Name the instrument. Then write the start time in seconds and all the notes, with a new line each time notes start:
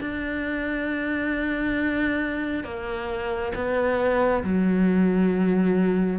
cello
0.00 D4
2.64 A#3
3.55 B3
4.43 F#3